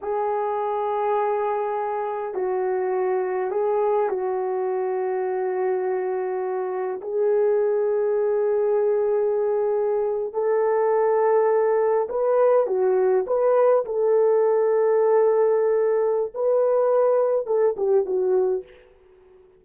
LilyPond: \new Staff \with { instrumentName = "horn" } { \time 4/4 \tempo 4 = 103 gis'1 | fis'2 gis'4 fis'4~ | fis'1 | gis'1~ |
gis'4.~ gis'16 a'2~ a'16~ | a'8. b'4 fis'4 b'4 a'16~ | a'1 | b'2 a'8 g'8 fis'4 | }